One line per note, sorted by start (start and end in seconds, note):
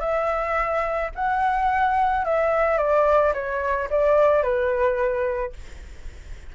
0.00 1.10 E5
1.15 2.24 F#5
2.24 2.77 E5
2.77 3.33 D5
3.34 3.89 C#5
3.90 4.42 D5
4.42 5.52 B4